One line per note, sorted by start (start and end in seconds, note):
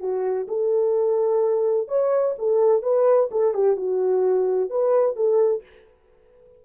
0.00 0.47 F#4
0.48 1.88 A4
1.88 2.35 C#5
2.39 2.83 A4
2.83 3.29 B4
3.31 3.54 A4
3.54 3.76 G4
3.76 4.70 F#4
4.70 5.16 B4
5.16 5.63 A4